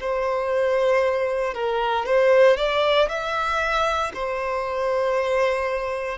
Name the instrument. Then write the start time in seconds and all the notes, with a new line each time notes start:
violin
0.00 C5
1.54 A#4
2.05 C5
2.57 D5
3.08 E5
4.14 C5